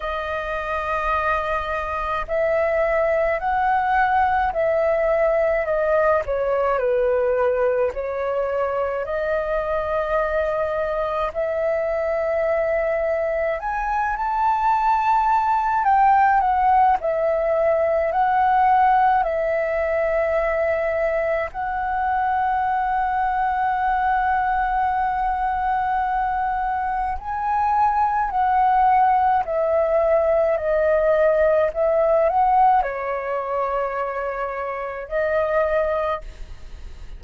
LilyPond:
\new Staff \with { instrumentName = "flute" } { \time 4/4 \tempo 4 = 53 dis''2 e''4 fis''4 | e''4 dis''8 cis''8 b'4 cis''4 | dis''2 e''2 | gis''8 a''4. g''8 fis''8 e''4 |
fis''4 e''2 fis''4~ | fis''1 | gis''4 fis''4 e''4 dis''4 | e''8 fis''8 cis''2 dis''4 | }